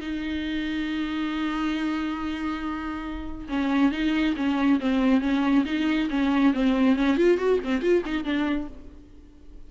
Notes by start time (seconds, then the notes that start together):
0.00 D#4
3.49 C#4
3.91 D#4
4.36 C#4
4.80 C4
5.21 C#4
5.65 D#4
6.10 C#4
6.53 C4
6.96 C#4
7.17 F4
7.37 F#4
7.64 C4
7.82 F4
8.05 D#4
8.24 D4